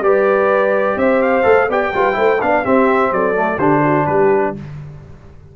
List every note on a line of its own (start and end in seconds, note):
0.00 0.95 G3
0.00 1.43 G4
0.00 0.99 B4
0.00 0.98 D5
0.96 1.44 C4
0.96 1.70 C5
0.96 1.22 E5
1.22 1.69 F5
1.43 1.69 A3
1.43 1.67 A4
1.69 1.92 B3
1.69 1.94 G4
1.69 1.93 D5
1.69 2.41 G5
1.93 2.17 G3
1.93 2.13 F4
1.93 2.16 B4
2.13 2.41 A3
2.13 2.37 E4
2.13 2.40 C5
2.41 2.65 B3
2.41 2.64 D4
2.41 2.65 D5
2.41 2.65 F5
2.64 3.35 C4
2.64 3.11 C4
2.64 3.12 G4
2.64 3.13 E5
3.11 3.58 F#3
3.11 3.58 A4
3.11 3.59 D5
3.35 3.59 A3
3.58 4.05 D3
3.58 4.56 D4
3.58 3.82 G4
3.58 4.06 C5
3.84 4.06 F#4
4.06 4.55 G3
4.06 4.54 G4
4.06 4.54 B4